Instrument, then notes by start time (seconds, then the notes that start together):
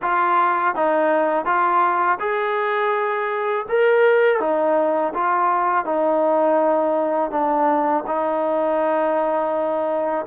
trombone
0.02 F4
0.75 D#4
1.45 F4
2.19 G#4
3.69 A#4
4.40 D#4
5.14 F4
5.85 D#4
7.30 D4
8.06 D#4